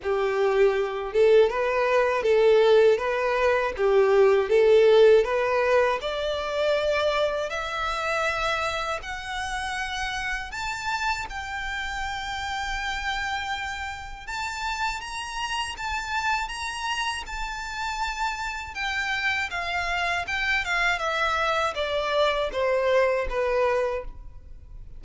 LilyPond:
\new Staff \with { instrumentName = "violin" } { \time 4/4 \tempo 4 = 80 g'4. a'8 b'4 a'4 | b'4 g'4 a'4 b'4 | d''2 e''2 | fis''2 a''4 g''4~ |
g''2. a''4 | ais''4 a''4 ais''4 a''4~ | a''4 g''4 f''4 g''8 f''8 | e''4 d''4 c''4 b'4 | }